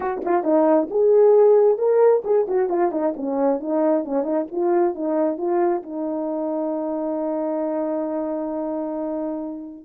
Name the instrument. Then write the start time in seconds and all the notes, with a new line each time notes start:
horn
0.00 F#4
0.25 F4
0.43 D#4
0.90 G#4
1.78 A#4
2.24 G#4
2.47 F#4
2.69 F4
2.91 D#4
3.16 C#4
3.60 D#4
4.05 C#4
4.23 D#4
4.51 F4
4.94 D#4
5.37 F4
5.82 D#4